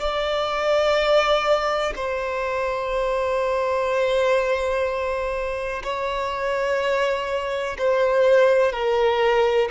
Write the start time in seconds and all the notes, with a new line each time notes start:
0.00 D5
1.96 C5
5.84 C#5
7.78 C5
8.73 A#4